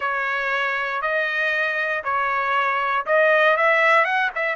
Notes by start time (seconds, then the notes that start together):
0.00 C#5
1.01 D#5
2.04 C#5
3.06 D#5
3.57 E5
4.04 F#5
4.35 E5